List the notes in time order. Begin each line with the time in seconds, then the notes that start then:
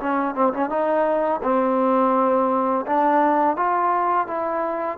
0.00 C#4
0.35 C4
0.54 C#4
0.69 D#4
1.43 C4
2.87 D4
3.56 F4
4.28 E4